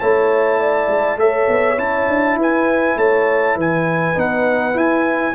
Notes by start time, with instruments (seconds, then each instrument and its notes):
0.00 tuba A3, trombone E4, horn C#5, trumpet A5
0.59 horn D5
0.88 tuba G#3
1.16 tuba A3, trombone A4, horn C#5, trumpet E5
1.48 tuba B3
1.77 tuba C#4, trombone E4, trumpet A5
2.08 tuba D4
2.36 tuba E4, horn B4, trumpet G#5
2.97 tuba A3, horn C#5, trumpet A5
3.56 tuba E3, horn B4, trumpet G#5
4.14 tuba B3, trombone D#4, trumpet F#5
4.73 trombone E4, tuba E4, trumpet G#5